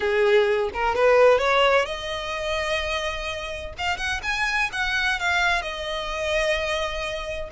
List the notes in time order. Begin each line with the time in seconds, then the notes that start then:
0.00 G#4
0.73 A#4
0.95 B4
1.38 C#5
1.85 D#5
3.78 F5
3.97 F#5
4.23 G#5
4.72 F#5
5.19 F5
5.61 D#5